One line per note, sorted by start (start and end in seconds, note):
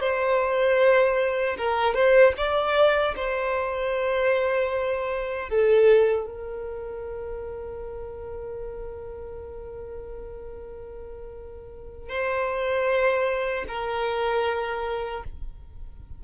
0.00 1.56 C5
1.57 1.94 A#4
1.94 2.33 C5
2.37 3.15 D5
3.16 5.49 C5
5.49 6.26 A4
6.26 12.09 A#4
12.09 13.65 C5
13.68 15.23 A#4